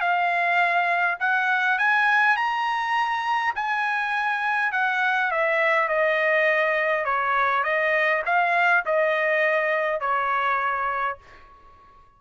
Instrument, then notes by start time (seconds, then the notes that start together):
trumpet
0.00 F5
1.20 F#5
1.78 G#5
2.36 A#5
3.55 G#5
4.72 F#5
5.31 E5
5.88 D#5
7.05 C#5
7.63 D#5
8.25 F5
8.85 D#5
10.00 C#5